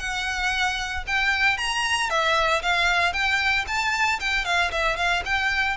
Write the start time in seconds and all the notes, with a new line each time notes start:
0.00 F#5
1.07 G5
1.58 A#5
2.10 E5
2.63 F5
3.13 G5
3.68 A5
4.20 G5
4.45 F5
4.72 E5
4.97 F5
5.26 G5